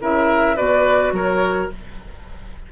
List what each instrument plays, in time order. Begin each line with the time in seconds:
0.00 bassoon C#3, clarinet E4, oboe A#4, flute E5
0.56 bassoon B2, clarinet F#4, oboe B4, flute D5
1.12 bassoon F#3, oboe A#4, flute C#5